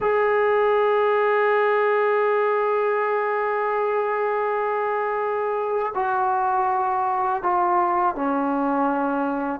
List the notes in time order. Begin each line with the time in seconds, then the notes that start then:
0.00 G#4
5.95 F#4
7.42 F4
8.15 C#4